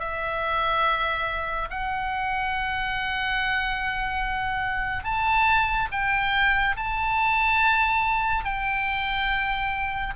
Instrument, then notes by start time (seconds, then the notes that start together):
oboe
0.00 E5
1.70 F#5
5.04 A5
5.92 G5
6.77 A5
8.45 G5